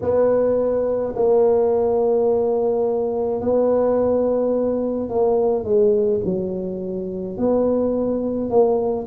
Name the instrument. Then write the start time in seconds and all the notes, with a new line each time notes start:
tuba
0.01 B3
1.15 A#3
3.41 B3
5.09 A#3
5.63 G#3
6.24 F#3
7.37 B3
8.50 A#3